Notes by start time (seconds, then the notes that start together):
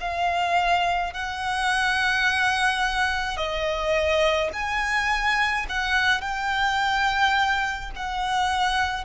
0.00 F5
1.13 F#5
3.37 D#5
4.53 G#5
5.69 F#5
6.21 G5
7.96 F#5